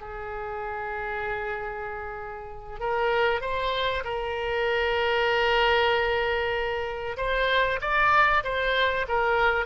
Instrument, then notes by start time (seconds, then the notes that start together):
oboe
0.00 G#4
2.80 A#4
3.41 C5
4.04 A#4
7.17 C5
7.81 D5
8.43 C5
9.08 A#4